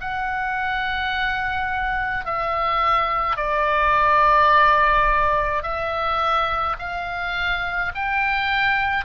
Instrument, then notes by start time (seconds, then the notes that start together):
oboe
0.00 F#5
2.25 E5
3.36 D5
5.62 E5
6.79 F5
7.95 G5